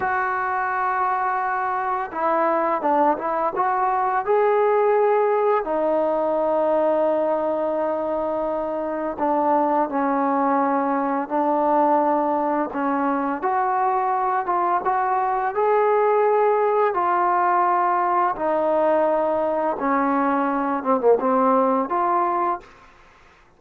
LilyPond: \new Staff \with { instrumentName = "trombone" } { \time 4/4 \tempo 4 = 85 fis'2. e'4 | d'8 e'8 fis'4 gis'2 | dis'1~ | dis'4 d'4 cis'2 |
d'2 cis'4 fis'4~ | fis'8 f'8 fis'4 gis'2 | f'2 dis'2 | cis'4. c'16 ais16 c'4 f'4 | }